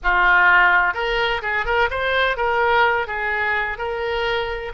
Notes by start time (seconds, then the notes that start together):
0.03 F4
0.94 A#4
1.42 G#4
1.65 A#4
1.90 C5
2.36 A#4
3.07 G#4
3.78 A#4